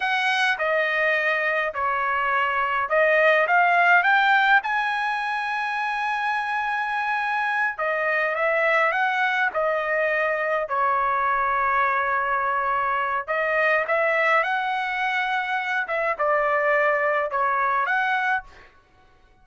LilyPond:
\new Staff \with { instrumentName = "trumpet" } { \time 4/4 \tempo 4 = 104 fis''4 dis''2 cis''4~ | cis''4 dis''4 f''4 g''4 | gis''1~ | gis''4. dis''4 e''4 fis''8~ |
fis''8 dis''2 cis''4.~ | cis''2. dis''4 | e''4 fis''2~ fis''8 e''8 | d''2 cis''4 fis''4 | }